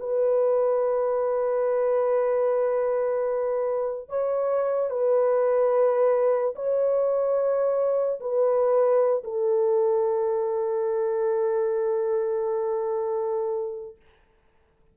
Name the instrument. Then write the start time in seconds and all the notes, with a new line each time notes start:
horn
0.00 B4
4.09 C#5
4.91 B4
6.56 C#5
8.20 B4
9.24 A4